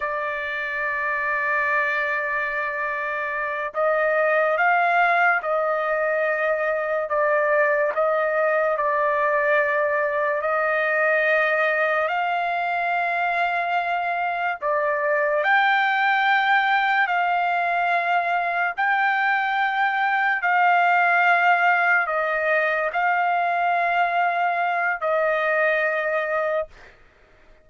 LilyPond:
\new Staff \with { instrumentName = "trumpet" } { \time 4/4 \tempo 4 = 72 d''1~ | d''8 dis''4 f''4 dis''4.~ | dis''8 d''4 dis''4 d''4.~ | d''8 dis''2 f''4.~ |
f''4. d''4 g''4.~ | g''8 f''2 g''4.~ | g''8 f''2 dis''4 f''8~ | f''2 dis''2 | }